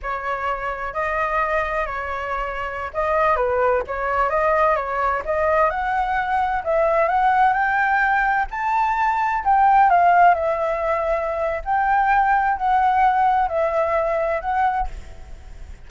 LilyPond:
\new Staff \with { instrumentName = "flute" } { \time 4/4 \tempo 4 = 129 cis''2 dis''2 | cis''2~ cis''16 dis''4 b'8.~ | b'16 cis''4 dis''4 cis''4 dis''8.~ | dis''16 fis''2 e''4 fis''8.~ |
fis''16 g''2 a''4.~ a''16~ | a''16 g''4 f''4 e''4.~ e''16~ | e''4 g''2 fis''4~ | fis''4 e''2 fis''4 | }